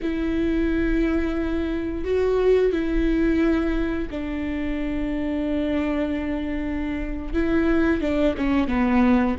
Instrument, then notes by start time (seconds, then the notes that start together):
viola
0.02 E4
2.04 F#4
2.72 E4
4.10 D4
7.33 E4
8.01 D4
8.37 C#4
8.67 B3